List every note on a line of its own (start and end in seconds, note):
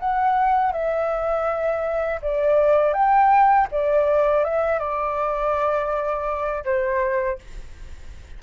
0.00 0.72 F#5
0.72 2.21 E5
2.22 2.94 D5
2.94 3.68 G5
3.72 4.45 D5
4.45 4.79 E5
4.79 6.65 D5
6.65 7.39 C5